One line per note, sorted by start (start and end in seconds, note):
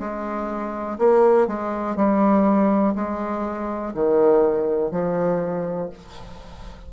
0.00 0.98 G#3
0.99 1.48 A#3
1.48 1.96 G#3
1.96 2.95 G3
2.96 3.94 G#3
3.94 4.91 D#3
4.91 5.90 F3